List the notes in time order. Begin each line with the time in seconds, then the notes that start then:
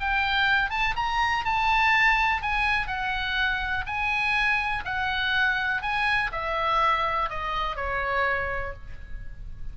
0.00 G5
0.70 A5
0.96 A#5
1.45 A5
2.42 G#5
2.87 F#5
3.86 G#5
4.85 F#5
5.82 G#5
6.32 E5
7.29 D#5
7.76 C#5